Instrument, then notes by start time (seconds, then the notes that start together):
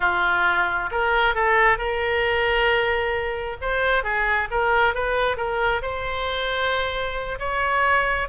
oboe
0.00 F4
0.91 A#4
1.34 A4
1.77 A#4
3.61 C5
4.03 G#4
4.51 A#4
4.94 B4
5.36 A#4
5.82 C5
7.39 C#5